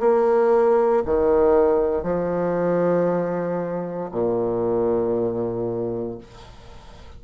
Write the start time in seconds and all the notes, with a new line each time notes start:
0.00 A#3
1.06 D#3
2.04 F3
4.12 A#2